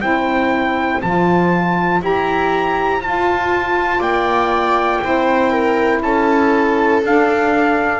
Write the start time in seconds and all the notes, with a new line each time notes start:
0.00 C4 E4 C5 G5
1.02 F3 F4 A5
2.00 E4 G4 A#5
3.00 F4 A5
3.99 A#3 D5 G5
5.02 C4 E4 C5
5.51 A#4
6.03 C#4 A4 A5
7.03 D4 F5